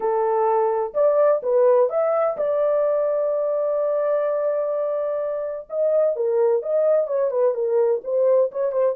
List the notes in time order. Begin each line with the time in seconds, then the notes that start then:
0.00 A4
0.94 D5
1.43 B4
1.89 E5
2.37 D5
5.69 D#5
6.16 A#4
6.62 D#5
7.07 C#5
7.30 B4
7.54 A#4
8.04 C5
8.51 C#5
8.72 C5